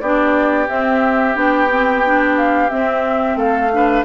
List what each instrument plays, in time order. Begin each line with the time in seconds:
0.00 bassoon B3, clarinet D4, oboe G4, flute D5
0.68 clarinet C4, bassoon C4, flute E5
1.35 bassoon B3, clarinet D4, flute G5
1.70 clarinet C4
2.06 clarinet D4
2.37 flute F5
2.70 clarinet C4, bassoon C4, flute E5
3.36 bassoon A3, oboe A4, flute F5
3.72 clarinet D4, oboe B4